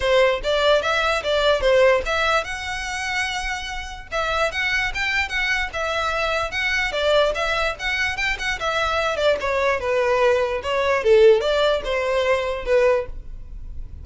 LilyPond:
\new Staff \with { instrumentName = "violin" } { \time 4/4 \tempo 4 = 147 c''4 d''4 e''4 d''4 | c''4 e''4 fis''2~ | fis''2 e''4 fis''4 | g''4 fis''4 e''2 |
fis''4 d''4 e''4 fis''4 | g''8 fis''8 e''4. d''8 cis''4 | b'2 cis''4 a'4 | d''4 c''2 b'4 | }